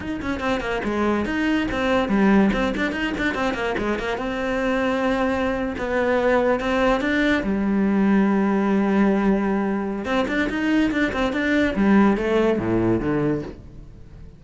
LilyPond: \new Staff \with { instrumentName = "cello" } { \time 4/4 \tempo 4 = 143 dis'8 cis'8 c'8 ais8 gis4 dis'4 | c'4 g4 c'8 d'8 dis'8 d'8 | c'8 ais8 gis8 ais8 c'2~ | c'4.~ c'16 b2 c'16~ |
c'8. d'4 g2~ g16~ | g1 | c'8 d'8 dis'4 d'8 c'8 d'4 | g4 a4 a,4 d4 | }